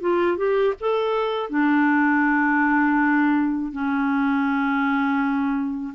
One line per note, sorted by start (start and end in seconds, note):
0.00 0.37 F4
0.37 0.74 G4
0.80 1.49 A4
1.49 3.71 D4
3.72 5.94 C#4